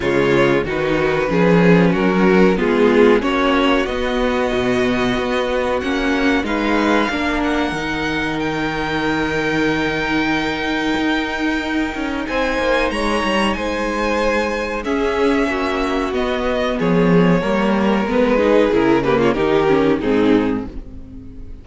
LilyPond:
<<
  \new Staff \with { instrumentName = "violin" } { \time 4/4 \tempo 4 = 93 cis''4 b'2 ais'4 | gis'4 cis''4 dis''2~ | dis''4 fis''4 f''4. fis''8~ | fis''4 g''2.~ |
g''2. gis''4 | ais''4 gis''2 e''4~ | e''4 dis''4 cis''2 | b'4 ais'8 b'16 cis''16 ais'4 gis'4 | }
  \new Staff \with { instrumentName = "violin" } { \time 4/4 f'4 fis'4 gis'4 fis'4 | f'4 fis'2.~ | fis'2 b'4 ais'4~ | ais'1~ |
ais'2. c''4 | cis''4 c''2 gis'4 | fis'2 gis'4 ais'4~ | ais'8 gis'4 g'16 f'16 g'4 dis'4 | }
  \new Staff \with { instrumentName = "viola" } { \time 4/4 gis4 dis'4 cis'2 | b4 cis'4 b2~ | b4 cis'4 dis'4 d'4 | dis'1~ |
dis'1~ | dis'2. cis'4~ | cis'4 b2 ais4 | b8 dis'8 e'8 ais8 dis'8 cis'8 c'4 | }
  \new Staff \with { instrumentName = "cello" } { \time 4/4 cis4 dis4 f4 fis4 | gis4 ais4 b4 b,4 | b4 ais4 gis4 ais4 | dis1~ |
dis4 dis'4. cis'8 c'8 ais8 | gis8 g8 gis2 cis'4 | ais4 b4 f4 g4 | gis4 cis4 dis4 gis,4 | }
>>